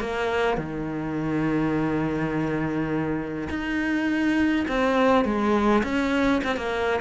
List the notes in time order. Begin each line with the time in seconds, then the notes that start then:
0.00 A#3
0.57 D#3
3.50 D#4
4.68 C4
5.25 G#3
5.84 C#4
6.44 C4
6.56 A#3